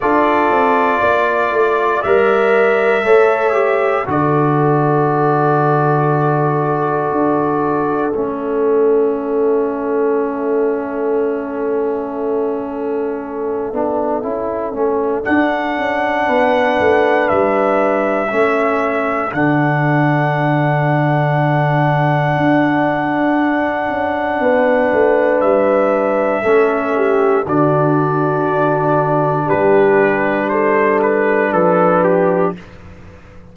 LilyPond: <<
  \new Staff \with { instrumentName = "trumpet" } { \time 4/4 \tempo 4 = 59 d''2 e''2 | d''1 | e''1~ | e''2. fis''4~ |
fis''4 e''2 fis''4~ | fis''1~ | fis''4 e''2 d''4~ | d''4 b'4 c''8 b'8 a'8 g'8 | }
  \new Staff \with { instrumentName = "horn" } { \time 4/4 a'4 d''2 cis''4 | a'1~ | a'1~ | a'1 |
b'2 a'2~ | a'1 | b'2 a'8 g'8 fis'4~ | fis'4 g'4 a'4 b'4 | }
  \new Staff \with { instrumentName = "trombone" } { \time 4/4 f'2 ais'4 a'8 g'8 | fis'1 | cis'1~ | cis'4. d'8 e'8 cis'8 d'4~ |
d'2 cis'4 d'4~ | d'1~ | d'2 cis'4 d'4~ | d'1 | }
  \new Staff \with { instrumentName = "tuba" } { \time 4/4 d'8 c'8 ais8 a8 g4 a4 | d2. d'4 | a1~ | a4. b8 cis'8 a8 d'8 cis'8 |
b8 a8 g4 a4 d4~ | d2 d'4. cis'8 | b8 a8 g4 a4 d4~ | d4 g2 f4 | }
>>